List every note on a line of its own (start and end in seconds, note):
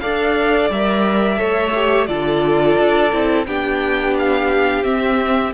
0.00 0.70 D4
0.00 0.71 A4
0.00 1.39 D5
0.00 0.69 F5
0.70 1.39 G3
0.70 1.37 A#4
0.70 2.06 E5
1.37 2.08 A3
1.37 1.72 A4
1.37 2.08 C#5
1.75 2.08 G4
2.06 2.77 D3
2.06 3.11 F4
2.06 3.47 A4
2.06 3.44 D5
2.78 3.12 D4
3.12 3.47 C4
3.12 3.47 E4
3.47 4.84 B3
3.47 4.84 D4
3.47 5.54 G4
3.47 4.16 G5
4.18 4.84 F5
4.84 5.53 C4
4.84 5.53 E5